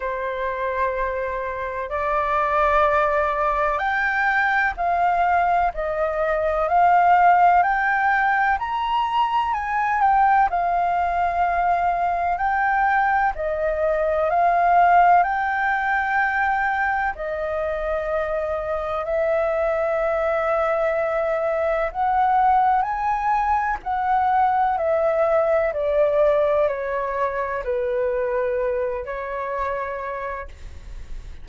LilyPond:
\new Staff \with { instrumentName = "flute" } { \time 4/4 \tempo 4 = 63 c''2 d''2 | g''4 f''4 dis''4 f''4 | g''4 ais''4 gis''8 g''8 f''4~ | f''4 g''4 dis''4 f''4 |
g''2 dis''2 | e''2. fis''4 | gis''4 fis''4 e''4 d''4 | cis''4 b'4. cis''4. | }